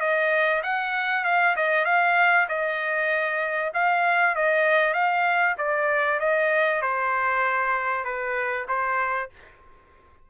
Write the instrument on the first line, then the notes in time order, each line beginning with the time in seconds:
trumpet
0.00 D#5
0.63 F#5
1.24 F5
1.56 D#5
1.85 F5
2.48 D#5
3.74 F5
4.35 D#5
4.94 F5
5.58 D5
6.20 D#5
6.82 C5
8.05 B4
8.68 C5